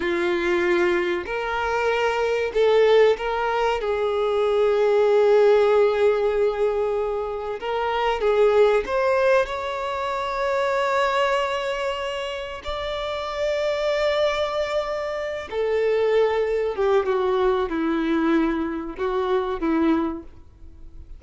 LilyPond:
\new Staff \with { instrumentName = "violin" } { \time 4/4 \tempo 4 = 95 f'2 ais'2 | a'4 ais'4 gis'2~ | gis'1 | ais'4 gis'4 c''4 cis''4~ |
cis''1 | d''1~ | d''8 a'2 g'8 fis'4 | e'2 fis'4 e'4 | }